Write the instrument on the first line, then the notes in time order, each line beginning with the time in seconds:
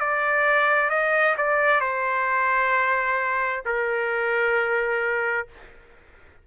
trumpet
0.00 D5
0.90 D#5
1.38 D5
1.81 C5
3.65 A#4